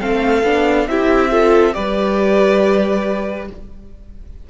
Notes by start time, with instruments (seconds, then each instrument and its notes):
0.00 cello A3, viola C4, violin A4 F5
0.43 cello B3, viola D4
0.88 cello C4, viola E4, violin G4 E5
1.31 viola F4, violin A4
1.73 cello G3, viola G4, violin B4 D5